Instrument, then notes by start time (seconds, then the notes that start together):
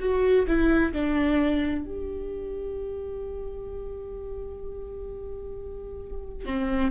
viola
0.00 F#4
0.48 E4
0.93 D4
1.85 G4
6.45 C4